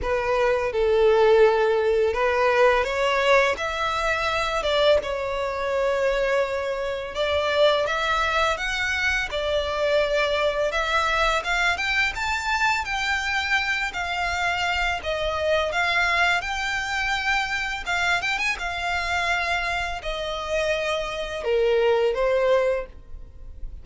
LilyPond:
\new Staff \with { instrumentName = "violin" } { \time 4/4 \tempo 4 = 84 b'4 a'2 b'4 | cis''4 e''4. d''8 cis''4~ | cis''2 d''4 e''4 | fis''4 d''2 e''4 |
f''8 g''8 a''4 g''4. f''8~ | f''4 dis''4 f''4 g''4~ | g''4 f''8 g''16 gis''16 f''2 | dis''2 ais'4 c''4 | }